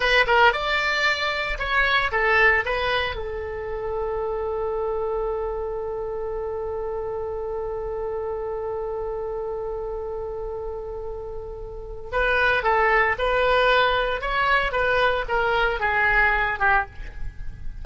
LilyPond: \new Staff \with { instrumentName = "oboe" } { \time 4/4 \tempo 4 = 114 b'8 ais'8 d''2 cis''4 | a'4 b'4 a'2~ | a'1~ | a'1~ |
a'1~ | a'2. b'4 | a'4 b'2 cis''4 | b'4 ais'4 gis'4. g'8 | }